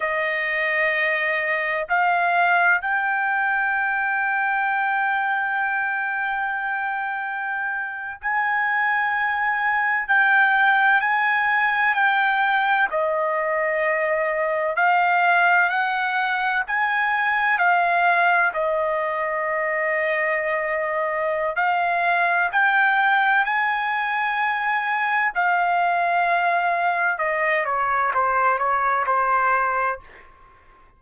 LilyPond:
\new Staff \with { instrumentName = "trumpet" } { \time 4/4 \tempo 4 = 64 dis''2 f''4 g''4~ | g''1~ | g''8. gis''2 g''4 gis''16~ | gis''8. g''4 dis''2 f''16~ |
f''8. fis''4 gis''4 f''4 dis''16~ | dis''2. f''4 | g''4 gis''2 f''4~ | f''4 dis''8 cis''8 c''8 cis''8 c''4 | }